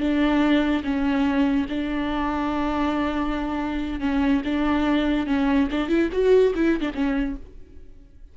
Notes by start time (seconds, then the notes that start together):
0.00 D4
0.84 C#4
1.69 D4
4.00 C#4
4.45 D4
5.26 C#4
5.71 D4
5.89 E4
6.12 F#4
6.55 E4
6.81 D4
6.94 C#4